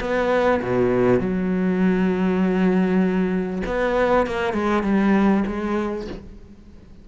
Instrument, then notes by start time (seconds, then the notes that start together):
cello
0.00 B3
0.62 B2
1.20 F#3
3.66 B3
4.26 A#3
4.53 G#3
4.83 G3
5.47 G#3